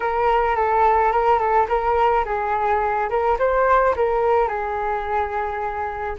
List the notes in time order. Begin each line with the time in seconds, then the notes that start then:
0.00 A#4
0.55 A4
1.11 A#4
1.38 A4
1.68 A#4
2.25 G#4
3.09 A#4
3.38 C5
3.96 A#4
4.47 G#4